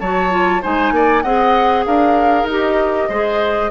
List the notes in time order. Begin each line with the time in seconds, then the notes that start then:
0.00 F#3 F#4 C#5 A5
0.31 F4
0.62 G#3 D#4 C5 G#5
0.92 A#3 D5
1.22 C4 G#4 D#5 F#5
1.86 D4 A#4 F5
2.44 D#4 G4 D#5
3.09 G#3 G#4 C5